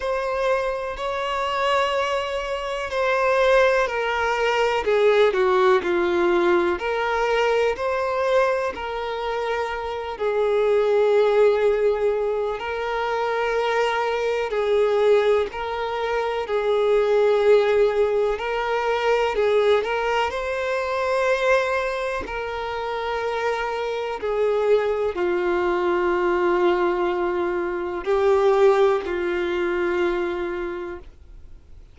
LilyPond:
\new Staff \with { instrumentName = "violin" } { \time 4/4 \tempo 4 = 62 c''4 cis''2 c''4 | ais'4 gis'8 fis'8 f'4 ais'4 | c''4 ais'4. gis'4.~ | gis'4 ais'2 gis'4 |
ais'4 gis'2 ais'4 | gis'8 ais'8 c''2 ais'4~ | ais'4 gis'4 f'2~ | f'4 g'4 f'2 | }